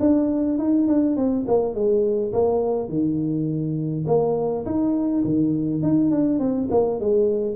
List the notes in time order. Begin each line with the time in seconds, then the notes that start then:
0.00 D4
0.59 D#4
0.87 D4
1.17 C4
1.47 A#3
1.74 G#3
2.32 A#3
2.89 D#3
4.07 A#3
4.65 D#4
5.24 D#3
5.82 D#4
6.11 D4
6.39 C4
6.71 A#3
7.00 G#3